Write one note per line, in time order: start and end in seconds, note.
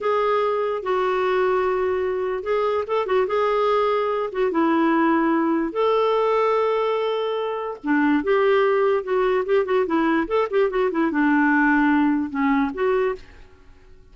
0.01 0.82 G#4
0.82 2.43 F#4
2.43 2.84 G#4
2.87 3.06 A4
3.06 3.27 F#4
3.27 4.30 G#4
4.32 4.51 F#4
4.51 5.72 E4
5.72 7.77 A4
7.83 8.23 D4
8.23 9.03 G4
9.03 9.44 F#4
9.45 9.65 G4
9.65 9.85 F#4
9.86 10.27 E4
10.27 10.48 A4
10.50 10.70 G4
10.70 10.90 F#4
10.91 11.11 E4
11.11 12.30 D4
12.30 12.71 C#4
12.74 13.15 F#4